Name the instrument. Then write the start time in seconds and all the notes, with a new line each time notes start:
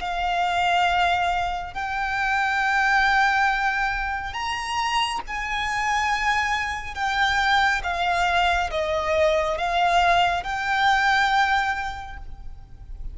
violin
0.00 F5
1.74 G5
4.34 A#5
5.27 G#5
6.94 G5
7.83 F5
8.71 D#5
9.58 F5
10.44 G5